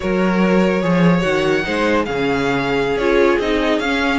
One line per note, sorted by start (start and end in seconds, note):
0.00 0.82 F#3
0.00 0.82 F#4
0.00 0.82 A#4
0.00 1.21 C#5
0.82 1.23 F3
0.82 1.21 G#4
0.82 1.64 C#5
1.21 1.65 D#3
1.21 1.62 F#4
1.21 2.03 F#5
1.63 2.07 G#3
1.63 2.05 D#4
1.63 2.06 C5
2.05 2.96 C#3
2.05 2.98 C#4
2.05 4.19 G#4
2.05 2.97 F5
2.96 3.37 C#4
2.96 3.41 F4
2.96 3.38 C#5
3.38 3.78 C4
3.38 3.81 D#4
3.38 3.79 D#5
3.78 4.19 C#4
3.78 4.19 F5